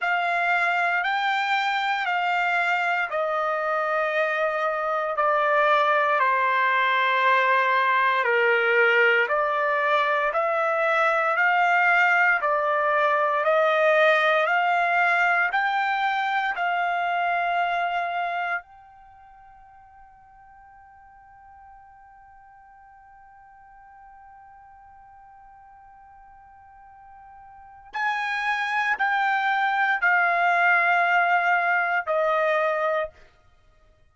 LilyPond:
\new Staff \with { instrumentName = "trumpet" } { \time 4/4 \tempo 4 = 58 f''4 g''4 f''4 dis''4~ | dis''4 d''4 c''2 | ais'4 d''4 e''4 f''4 | d''4 dis''4 f''4 g''4 |
f''2 g''2~ | g''1~ | g''2. gis''4 | g''4 f''2 dis''4 | }